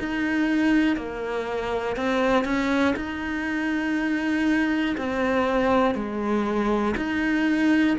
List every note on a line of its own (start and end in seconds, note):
0.00 0.97 D#4
0.97 1.97 A#3
1.97 2.45 C4
2.45 2.95 C#4
2.97 4.97 D#4
4.98 5.95 C4
5.95 6.95 G#3
6.97 7.97 D#4